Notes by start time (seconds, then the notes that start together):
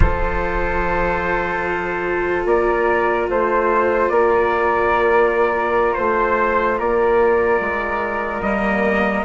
0.00 F3 F4 A4 C5
2.45 A#3 A#4 D5
3.29 A3 C5
4.09 A#3 A#4 D5
5.93 A3 C5
6.78 A#3 A#4 D5
7.59 G#3
8.41 G3 A#3 D#5